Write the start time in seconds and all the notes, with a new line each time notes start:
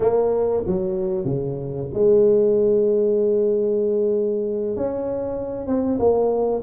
0.00 A#3
0.66 F#3
1.25 C#3
1.93 G#3
4.76 C#4
5.66 C4
5.99 A#3